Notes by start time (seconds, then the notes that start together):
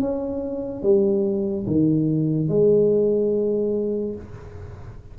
0.00 C#4
0.83 G3
1.67 D#3
2.48 G#3